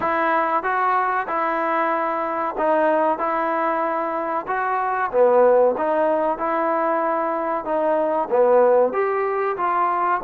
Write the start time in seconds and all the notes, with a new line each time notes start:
0.00 E4
0.63 F#4
1.27 E4
2.58 D#4
3.18 E4
4.47 F#4
5.11 B3
5.77 D#4
6.38 E4
7.65 D#4
8.30 B3
8.92 G4
9.56 F4